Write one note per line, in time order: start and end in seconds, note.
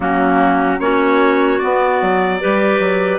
0.00 0.79 F#3
0.00 0.78 A#3
0.00 0.81 C#4
0.00 0.80 F#4
0.79 1.59 A#3
0.79 1.59 C#4
0.79 2.40 F#4
0.79 1.59 C#5
1.59 2.40 B3
1.59 2.01 B3
1.59 3.19 D5
2.01 2.41 F#3
2.40 2.79 G3
2.40 3.19 G4
2.40 3.19 B4
2.79 3.19 F#3